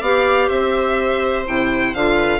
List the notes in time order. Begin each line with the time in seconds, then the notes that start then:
0.00 B3 G4 D5 F5
0.48 C4 C5 E5
1.46 C3 E4 G5
1.94 D3 F4 F5
2.16 B4